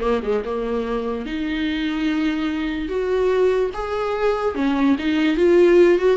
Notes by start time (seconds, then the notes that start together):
0.00 A#3
0.23 G#3
0.44 A#3
1.26 D#4
2.88 F#4
3.74 G#4
4.55 C#4
4.98 D#4
5.36 F4
5.98 F#4